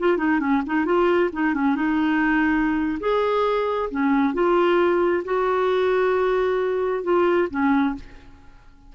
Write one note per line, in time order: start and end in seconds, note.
0.00 0.18 F4
0.18 0.40 D#4
0.40 0.63 C#4
0.67 0.86 D#4
0.86 1.31 F4
1.33 1.55 D#4
1.55 1.76 C#4
1.76 2.99 D#4
3.00 3.90 G#4
3.91 4.34 C#4
4.34 5.24 F4
5.25 7.04 F#4
7.04 7.49 F4
7.51 7.96 C#4